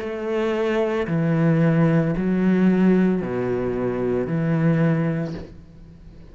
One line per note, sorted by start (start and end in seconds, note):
0.00 1.07 A3
1.08 2.15 E3
2.17 3.22 F#3
3.22 4.27 B2
4.27 5.34 E3